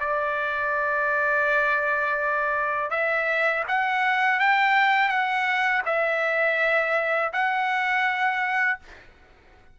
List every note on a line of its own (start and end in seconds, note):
0.00 2.90 D5
2.90 3.64 E5
3.68 4.39 F#5
4.39 5.09 G5
5.09 5.82 F#5
5.85 7.32 E5
7.33 8.79 F#5